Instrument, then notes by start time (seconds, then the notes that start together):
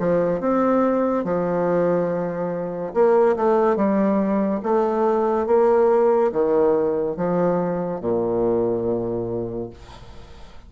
bassoon
0.00 F3
0.41 C4
1.25 F3
2.94 A#3
3.36 A3
3.76 G3
4.63 A3
5.47 A#3
6.33 D#3
7.17 F3
8.01 A#2